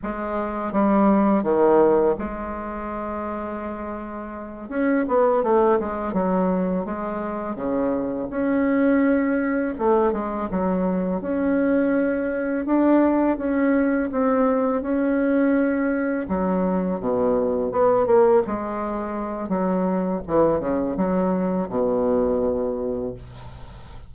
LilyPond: \new Staff \with { instrumentName = "bassoon" } { \time 4/4 \tempo 4 = 83 gis4 g4 dis4 gis4~ | gis2~ gis8 cis'8 b8 a8 | gis8 fis4 gis4 cis4 cis'8~ | cis'4. a8 gis8 fis4 cis'8~ |
cis'4. d'4 cis'4 c'8~ | c'8 cis'2 fis4 b,8~ | b,8 b8 ais8 gis4. fis4 | e8 cis8 fis4 b,2 | }